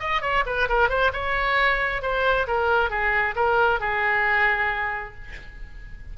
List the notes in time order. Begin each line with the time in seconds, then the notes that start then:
0.00 D#5
0.22 C#5
0.47 B4
0.69 A#4
0.90 C5
1.14 C#5
2.03 C5
2.48 A#4
2.91 G#4
3.36 A#4
3.80 G#4